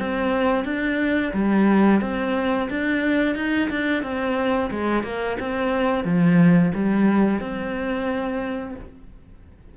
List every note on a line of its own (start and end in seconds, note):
0.00 0.65 C4
0.65 1.32 D4
1.34 2.01 G3
2.02 2.69 C4
2.70 3.36 D4
3.36 3.70 D#4
3.70 4.03 D4
4.03 4.71 C4
4.71 5.04 G#3
5.04 5.37 A#3
5.40 6.05 C4
6.05 6.72 F3
6.75 7.40 G3
7.40 8.75 C4